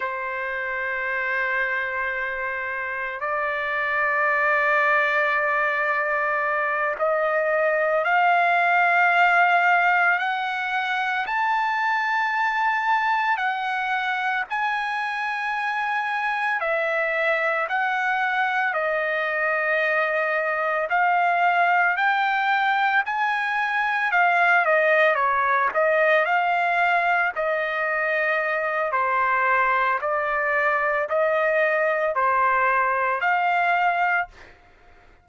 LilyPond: \new Staff \with { instrumentName = "trumpet" } { \time 4/4 \tempo 4 = 56 c''2. d''4~ | d''2~ d''8 dis''4 f''8~ | f''4. fis''4 a''4.~ | a''8 fis''4 gis''2 e''8~ |
e''8 fis''4 dis''2 f''8~ | f''8 g''4 gis''4 f''8 dis''8 cis''8 | dis''8 f''4 dis''4. c''4 | d''4 dis''4 c''4 f''4 | }